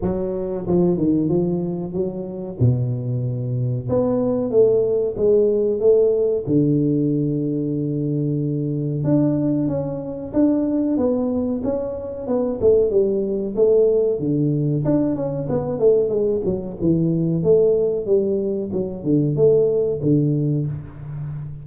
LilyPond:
\new Staff \with { instrumentName = "tuba" } { \time 4/4 \tempo 4 = 93 fis4 f8 dis8 f4 fis4 | b,2 b4 a4 | gis4 a4 d2~ | d2 d'4 cis'4 |
d'4 b4 cis'4 b8 a8 | g4 a4 d4 d'8 cis'8 | b8 a8 gis8 fis8 e4 a4 | g4 fis8 d8 a4 d4 | }